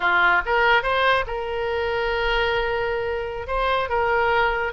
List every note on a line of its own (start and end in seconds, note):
0.00 0.41 F4
0.45 0.83 A#4
0.83 1.25 C5
1.27 3.47 A#4
3.47 3.89 C5
3.89 4.72 A#4